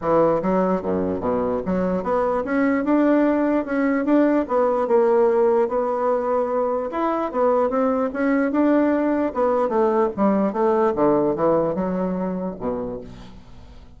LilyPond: \new Staff \with { instrumentName = "bassoon" } { \time 4/4 \tempo 4 = 148 e4 fis4 fis,4 b,4 | fis4 b4 cis'4 d'4~ | d'4 cis'4 d'4 b4 | ais2 b2~ |
b4 e'4 b4 c'4 | cis'4 d'2 b4 | a4 g4 a4 d4 | e4 fis2 b,4 | }